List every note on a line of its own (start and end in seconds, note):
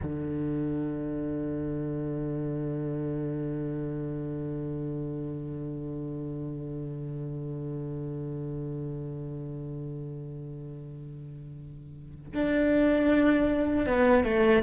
0.02 12.33 D3
12.34 13.86 D4
13.86 14.23 B3
14.23 14.62 A3